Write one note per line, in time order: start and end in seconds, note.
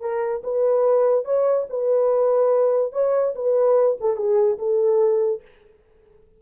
0.00 0.42 A#4
0.43 1.24 B4
1.24 1.66 C#5
1.69 2.92 B4
2.92 3.34 C#5
3.35 3.98 B4
4.00 4.16 A4
4.16 4.58 G#4
4.58 5.41 A4